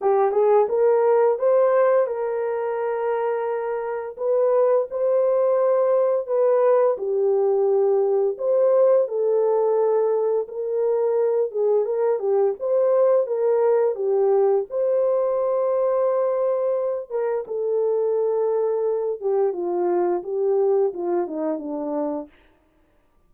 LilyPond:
\new Staff \with { instrumentName = "horn" } { \time 4/4 \tempo 4 = 86 g'8 gis'8 ais'4 c''4 ais'4~ | ais'2 b'4 c''4~ | c''4 b'4 g'2 | c''4 a'2 ais'4~ |
ais'8 gis'8 ais'8 g'8 c''4 ais'4 | g'4 c''2.~ | c''8 ais'8 a'2~ a'8 g'8 | f'4 g'4 f'8 dis'8 d'4 | }